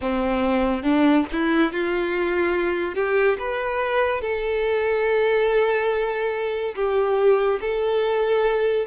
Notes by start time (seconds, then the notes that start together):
0.01 C4
0.82 D4
1.32 E4
1.72 F4
2.94 G4
3.38 B4
4.21 A4
6.75 G4
7.60 A4